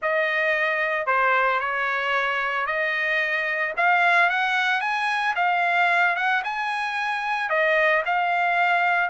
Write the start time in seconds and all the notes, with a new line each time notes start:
0.02 D#5
1.06 C5
1.59 C#5
2.66 D#5
3.76 F5
4.29 F#5
4.81 G#5
5.35 F5
6.15 F#5
6.44 G#5
7.49 D#5
8.05 F5